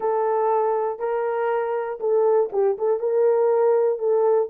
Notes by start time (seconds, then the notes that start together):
0.00 A4
0.99 A#4
2.00 A4
2.52 G4
2.77 A4
2.99 A#4
3.98 A4